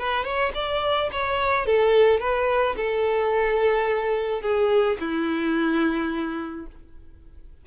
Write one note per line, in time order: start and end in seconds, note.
0.00 0.25 B4
0.25 0.53 C#5
0.55 1.10 D5
1.13 1.67 C#5
1.67 2.21 A4
2.21 2.76 B4
2.77 4.42 A4
4.42 4.98 G#4
5.00 6.67 E4